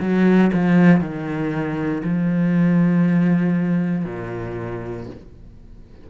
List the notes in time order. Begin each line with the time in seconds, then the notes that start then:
0.00 F#3
0.53 F3
1.01 D#3
2.03 F3
4.05 A#2